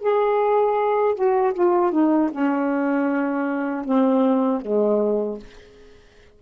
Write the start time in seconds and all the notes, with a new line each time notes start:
0.00 G#4
1.15 F#4
1.54 F4
1.92 D#4
2.31 C#4
3.85 C4
4.62 G#3